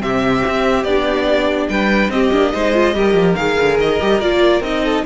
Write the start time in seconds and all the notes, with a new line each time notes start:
0.00 C3 C4 G4 E5
0.47 C4
0.83 B3 D4 D5
1.69 G3 B4 G5
2.08 C4 G4 D#5
2.32 A#3 D4
2.53 G#3 D#4 C5
2.73 F4
2.94 G3 G4 A#4
3.13 F3
3.35 D#3 G#4 F5
3.59 D3
3.78 D#3 D#5
4.00 G3 G4
4.20 A#3 F4 D5
4.60 C4 D#4 D#5
4.83 A4